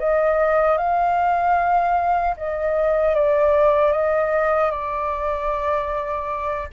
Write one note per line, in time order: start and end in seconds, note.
0.00 0.78 D#5
0.78 2.36 F5
2.37 3.15 D#5
3.15 3.93 D5
3.93 4.71 D#5
4.71 6.69 D5